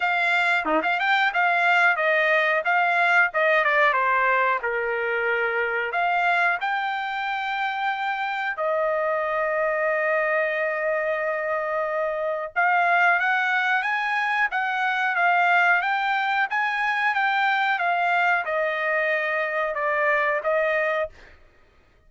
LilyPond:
\new Staff \with { instrumentName = "trumpet" } { \time 4/4 \tempo 4 = 91 f''4 dis'16 f''16 g''8 f''4 dis''4 | f''4 dis''8 d''8 c''4 ais'4~ | ais'4 f''4 g''2~ | g''4 dis''2.~ |
dis''2. f''4 | fis''4 gis''4 fis''4 f''4 | g''4 gis''4 g''4 f''4 | dis''2 d''4 dis''4 | }